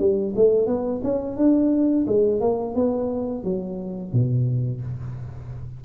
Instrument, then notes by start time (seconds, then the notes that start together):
tuba
0.00 G3
0.36 A3
0.67 B3
1.04 C#4
1.37 D4
2.07 G#3
2.41 A#3
2.75 B3
3.44 F#3
4.13 B2